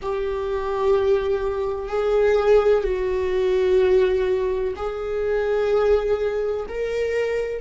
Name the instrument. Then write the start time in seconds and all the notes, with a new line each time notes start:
viola
0.02 G4
1.88 G#4
2.83 F#4
4.76 G#4
6.68 A#4